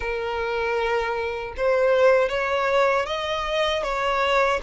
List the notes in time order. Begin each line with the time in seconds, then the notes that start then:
0.00 A#4
1.57 C5
2.29 C#5
3.06 D#5
3.83 C#5